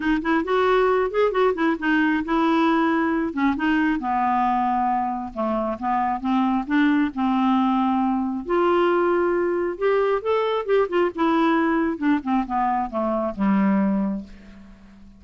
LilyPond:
\new Staff \with { instrumentName = "clarinet" } { \time 4/4 \tempo 4 = 135 dis'8 e'8 fis'4. gis'8 fis'8 e'8 | dis'4 e'2~ e'8 cis'8 | dis'4 b2. | a4 b4 c'4 d'4 |
c'2. f'4~ | f'2 g'4 a'4 | g'8 f'8 e'2 d'8 c'8 | b4 a4 g2 | }